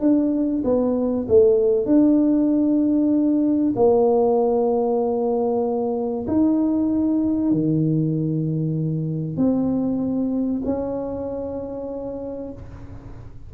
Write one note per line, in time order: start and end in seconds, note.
0.00 0.62 D4
0.64 1.26 B3
1.28 1.86 A3
1.86 3.73 D4
3.76 6.26 A#3
6.27 7.51 D#4
7.51 9.37 D#3
9.37 10.62 C4
10.64 12.52 C#4